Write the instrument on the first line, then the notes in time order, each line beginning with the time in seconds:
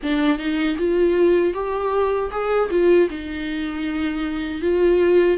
viola
0.02 D4
0.38 D#4
0.78 F4
1.53 G4
2.31 G#4
2.70 F4
3.09 D#4
4.61 F4